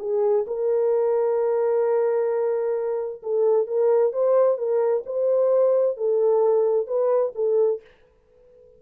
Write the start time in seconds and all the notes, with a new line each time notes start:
0.00 G#4
0.48 A#4
3.23 A4
3.67 A#4
4.13 C5
4.58 A#4
5.06 C5
5.98 A4
6.87 B4
7.36 A4